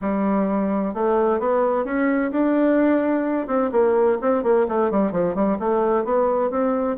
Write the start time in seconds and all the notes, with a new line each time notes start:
0.01 G3
0.93 A3
1.39 B3
1.84 C#4
2.31 D4
3.47 C4
3.71 A#3
4.21 C4
4.43 A#3
4.68 A3
4.90 G3
5.11 F3
5.34 G3
5.59 A3
6.04 B3
6.50 C4